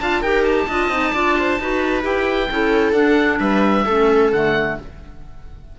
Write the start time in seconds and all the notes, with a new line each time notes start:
0.00 D4 F4 F5 A5
0.21 D#4 G4 A#4 G5
0.44 A5
0.68 D4 F4 D#5
0.89 C4 D#4
1.13 D4 F4 D5
1.39 C5
1.60 D#4 F#4 B4
2.02 E4 G4 G5
2.51 C#4 E4 A4
2.93 D4 F#5
3.39 G3 B4 E5
3.85 A3 C#4 A4
4.32 D3 A3 F#5